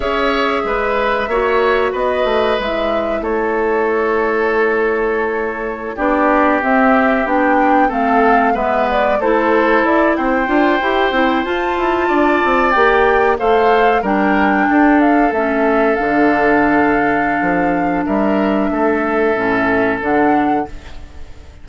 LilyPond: <<
  \new Staff \with { instrumentName = "flute" } { \time 4/4 \tempo 4 = 93 e''2. dis''4 | e''4 cis''2.~ | cis''4~ cis''16 d''4 e''4 g''8.~ | g''16 f''4 e''8 d''8 c''4 d''8 g''16~ |
g''4.~ g''16 a''2 g''16~ | g''8. f''4 g''4. f''8 e''16~ | e''8. f''2.~ f''16 | e''2. fis''4 | }
  \new Staff \with { instrumentName = "oboe" } { \time 4/4 cis''4 b'4 cis''4 b'4~ | b'4 a'2.~ | a'4~ a'16 g'2~ g'8.~ | g'16 a'4 b'4 a'4. c''16~ |
c''2~ c''8. d''4~ d''16~ | d''8. c''4 ais'4 a'4~ a'16~ | a'1 | ais'4 a'2. | }
  \new Staff \with { instrumentName = "clarinet" } { \time 4/4 gis'2 fis'2 | e'1~ | e'4~ e'16 d'4 c'4 d'8.~ | d'16 c'4 b4 e'4.~ e'16~ |
e'16 f'8 g'8 e'8 f'2 g'16~ | g'8. a'4 d'2 cis'16~ | cis'8. d'2.~ d'16~ | d'2 cis'4 d'4 | }
  \new Staff \with { instrumentName = "bassoon" } { \time 4/4 cis'4 gis4 ais4 b8 a8 | gis4 a2.~ | a4~ a16 b4 c'4 b8.~ | b16 a4 gis4 a4 e'8 c'16~ |
c'16 d'8 e'8 c'8 f'8 e'8 d'8 c'8 ais16~ | ais8. a4 g4 d'4 a16~ | a8. d2~ d16 f4 | g4 a4 a,4 d4 | }
>>